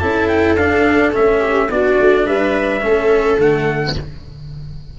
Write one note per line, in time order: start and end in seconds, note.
0.00 0.57 C#4
0.00 0.58 E4
0.00 1.40 A4
0.00 0.28 A5
0.29 0.57 G5
0.57 1.13 D4
0.57 1.14 F5
1.13 1.70 A3
1.13 1.69 C#4
1.13 1.71 E5
1.40 1.68 G4
1.70 1.98 B3
1.70 2.81 D4
1.70 2.26 F#4
1.70 2.27 D5
2.01 2.27 A3
2.26 2.83 G3
2.26 2.83 B4
2.26 3.40 E5
2.81 3.38 A3
2.81 3.37 C#4
2.81 3.99 A4
3.38 3.95 D3
3.38 3.96 A3
3.38 3.97 F#5